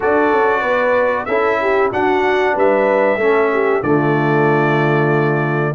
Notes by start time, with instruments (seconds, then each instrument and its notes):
0.00 tuba D4, trombone F#4, horn A4, trumpet D5
0.32 tuba C#4
0.61 tuba B3, horn B4
1.25 tuba C#4, trombone E4, horn A4, trumpet E5
1.60 horn G4
1.91 trombone D4, tuba D4, horn F#4, trumpet F#5
2.54 tuba G3, horn B4, trumpet E5
3.17 tuba A3, trombone C#4, horn A4
3.52 horn G4
3.82 tuba D3, trombone A3, horn F4, trumpet D5